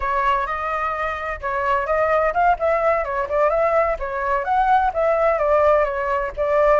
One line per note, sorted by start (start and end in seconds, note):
0.00 0.46 C#5
0.46 1.40 D#5
1.41 1.86 C#5
1.86 2.33 D#5
2.33 2.57 F5
2.59 3.04 E5
3.04 3.27 C#5
3.29 3.49 D5
3.49 3.96 E5
3.99 4.44 C#5
4.44 4.91 F#5
4.93 5.38 E5
5.38 5.84 D5
5.84 6.31 C#5
6.36 6.80 D5